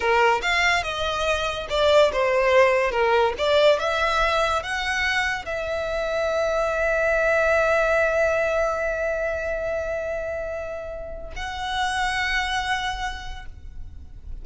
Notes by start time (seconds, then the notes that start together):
0.00 A#4
0.42 F5
0.83 D#5
1.69 D5
2.12 C5
2.91 A#4
3.38 D5
3.79 E5
4.62 F#5
5.45 E5
11.36 F#5